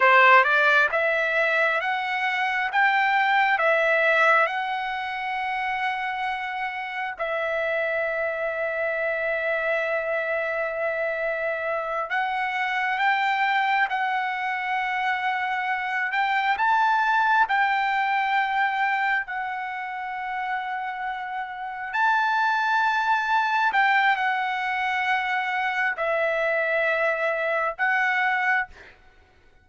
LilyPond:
\new Staff \with { instrumentName = "trumpet" } { \time 4/4 \tempo 4 = 67 c''8 d''8 e''4 fis''4 g''4 | e''4 fis''2. | e''1~ | e''4. fis''4 g''4 fis''8~ |
fis''2 g''8 a''4 g''8~ | g''4. fis''2~ fis''8~ | fis''8 a''2 g''8 fis''4~ | fis''4 e''2 fis''4 | }